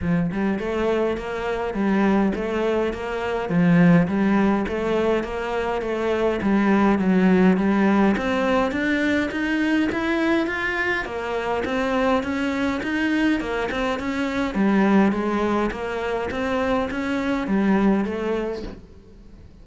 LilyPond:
\new Staff \with { instrumentName = "cello" } { \time 4/4 \tempo 4 = 103 f8 g8 a4 ais4 g4 | a4 ais4 f4 g4 | a4 ais4 a4 g4 | fis4 g4 c'4 d'4 |
dis'4 e'4 f'4 ais4 | c'4 cis'4 dis'4 ais8 c'8 | cis'4 g4 gis4 ais4 | c'4 cis'4 g4 a4 | }